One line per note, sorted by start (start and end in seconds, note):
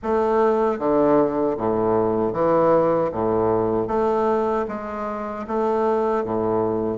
0.02 0.78 A3
0.78 1.56 D3
1.57 2.32 A2
2.32 3.10 E3
3.12 3.87 A2
3.87 4.65 A3
4.68 5.45 G#3
5.47 6.23 A3
6.23 6.97 A2